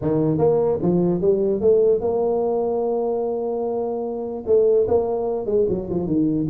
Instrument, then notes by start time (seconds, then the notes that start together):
tuba
0.01 D#3
0.38 A#3
0.82 F3
1.21 G3
1.60 A3
2.00 A#3
4.46 A3
4.87 A#3
5.46 G#3
5.68 F#3
5.90 F3
6.06 D#3